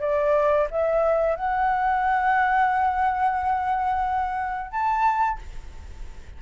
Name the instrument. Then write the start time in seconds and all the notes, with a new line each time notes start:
flute
0.00 D5
0.70 E5
1.36 F#5
4.71 A5